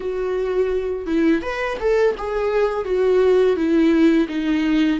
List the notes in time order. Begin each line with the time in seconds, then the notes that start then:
0.00 F#4
1.06 E4
1.42 B4
1.80 A4
2.17 G#4
2.84 F#4
3.56 E4
4.28 D#4